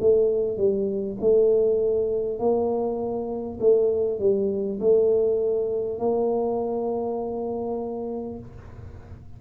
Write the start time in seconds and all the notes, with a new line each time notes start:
0.00 A3
0.57 G3
1.21 A3
2.38 A#3
3.60 A3
4.19 G3
4.80 A3
5.99 A#3